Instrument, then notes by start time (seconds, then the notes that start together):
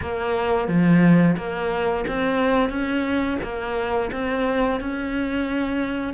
cello
0.01 A#3
0.68 F3
1.37 A#3
2.07 C4
2.69 C#4
3.42 A#3
4.12 C4
4.80 C#4